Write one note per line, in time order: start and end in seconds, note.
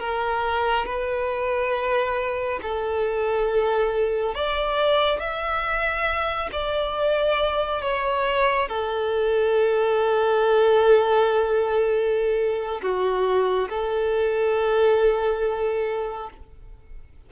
0.00 0.86 A#4
0.86 2.60 B4
2.63 4.35 A4
4.35 5.20 D5
5.20 6.50 E5
6.53 7.82 D5
7.82 8.69 C#5
8.69 12.82 A4
12.82 13.69 F#4
13.70 16.30 A4